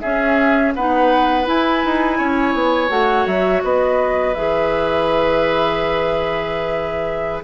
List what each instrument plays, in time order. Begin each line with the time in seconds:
0.00 bassoon C#4, clarinet C#4, oboe G#4, flute E5
0.74 bassoon B3, clarinet D#4, oboe B4, flute F#5
1.45 clarinet E4, bassoon E4, flute G#5
1.84 bassoon D#4
2.18 bassoon C#4, oboe C#5
2.54 bassoon B3
2.88 bassoon A3, clarinet F#4, flute F#5
3.26 bassoon F#3, flute E5
3.63 bassoon B3, oboe B4, flute D#5
4.34 bassoon E3, clarinet G#4, flute E5